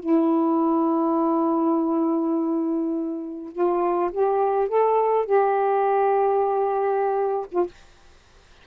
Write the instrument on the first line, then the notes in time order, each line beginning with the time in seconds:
saxophone
0.00 E4
3.52 F4
4.12 G4
4.68 A4
5.26 G4
7.52 F4